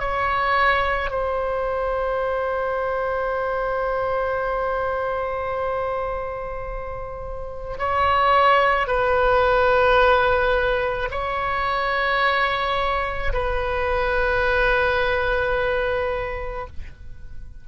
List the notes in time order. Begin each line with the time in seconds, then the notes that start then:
0.00 C#5
1.11 C5
7.79 C#5
8.87 B4
11.11 C#5
13.33 B4